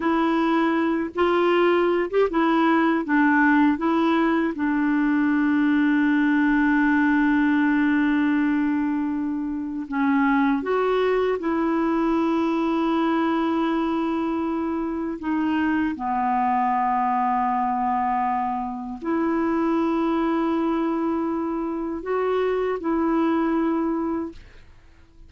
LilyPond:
\new Staff \with { instrumentName = "clarinet" } { \time 4/4 \tempo 4 = 79 e'4. f'4~ f'16 g'16 e'4 | d'4 e'4 d'2~ | d'1~ | d'4 cis'4 fis'4 e'4~ |
e'1 | dis'4 b2.~ | b4 e'2.~ | e'4 fis'4 e'2 | }